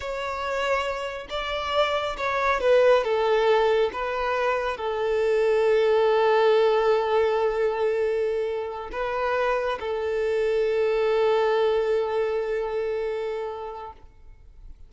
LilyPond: \new Staff \with { instrumentName = "violin" } { \time 4/4 \tempo 4 = 138 cis''2. d''4~ | d''4 cis''4 b'4 a'4~ | a'4 b'2 a'4~ | a'1~ |
a'1~ | a'8 b'2 a'4.~ | a'1~ | a'1 | }